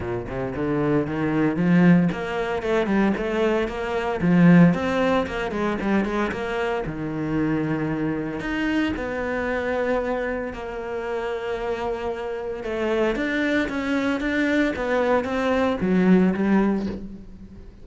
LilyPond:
\new Staff \with { instrumentName = "cello" } { \time 4/4 \tempo 4 = 114 ais,8 c8 d4 dis4 f4 | ais4 a8 g8 a4 ais4 | f4 c'4 ais8 gis8 g8 gis8 | ais4 dis2. |
dis'4 b2. | ais1 | a4 d'4 cis'4 d'4 | b4 c'4 fis4 g4 | }